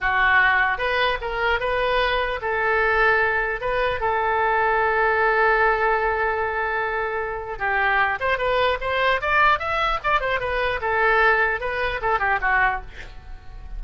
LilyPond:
\new Staff \with { instrumentName = "oboe" } { \time 4/4 \tempo 4 = 150 fis'2 b'4 ais'4 | b'2 a'2~ | a'4 b'4 a'2~ | a'1~ |
a'2. g'4~ | g'8 c''8 b'4 c''4 d''4 | e''4 d''8 c''8 b'4 a'4~ | a'4 b'4 a'8 g'8 fis'4 | }